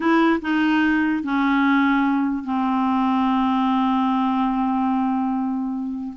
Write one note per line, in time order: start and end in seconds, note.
0.00 0.39 E4
0.41 1.23 D#4
1.23 2.44 C#4
2.44 6.13 C4